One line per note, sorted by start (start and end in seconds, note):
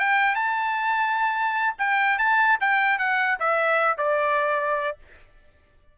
0.00 0.36 G5
0.36 1.76 A5
1.79 2.19 G5
2.19 2.59 A5
2.61 2.99 G5
2.99 3.39 F#5
3.40 3.98 E5
3.98 4.98 D5